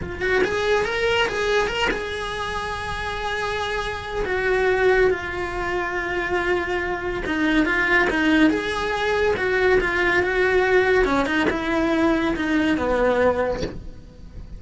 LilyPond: \new Staff \with { instrumentName = "cello" } { \time 4/4 \tempo 4 = 141 f'8 fis'8 gis'4 ais'4 gis'4 | ais'8 gis'2.~ gis'8~ | gis'2 fis'2 | f'1~ |
f'4 dis'4 f'4 dis'4 | gis'2 fis'4 f'4 | fis'2 cis'8 dis'8 e'4~ | e'4 dis'4 b2 | }